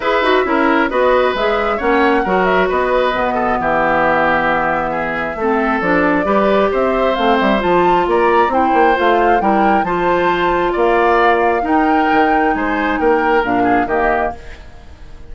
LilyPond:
<<
  \new Staff \with { instrumentName = "flute" } { \time 4/4 \tempo 4 = 134 e''2 dis''4 e''4 | fis''4. e''8 dis''2 | e''1~ | e''4 d''2 e''4 |
f''8 e''8 a''4 ais''4 g''4 | f''4 g''4 a''2 | f''2 g''2 | gis''4 g''4 f''4 dis''4 | }
  \new Staff \with { instrumentName = "oboe" } { \time 4/4 b'4 ais'4 b'2 | cis''4 ais'4 b'4. a'8 | g'2. gis'4 | a'2 b'4 c''4~ |
c''2 d''4 c''4~ | c''4 ais'4 c''2 | d''2 ais'2 | c''4 ais'4. gis'8 g'4 | }
  \new Staff \with { instrumentName = "clarinet" } { \time 4/4 gis'8 fis'8 e'4 fis'4 gis'4 | cis'4 fis'2 b4~ | b1 | c'4 d'4 g'2 |
c'4 f'2 e'4 | f'4 e'4 f'2~ | f'2 dis'2~ | dis'2 d'4 ais4 | }
  \new Staff \with { instrumentName = "bassoon" } { \time 4/4 e'8 dis'8 cis'4 b4 gis4 | ais4 fis4 b4 b,4 | e1 | a4 f4 g4 c'4 |
a8 g8 f4 ais4 c'8 ais8 | a4 g4 f2 | ais2 dis'4 dis4 | gis4 ais4 ais,4 dis4 | }
>>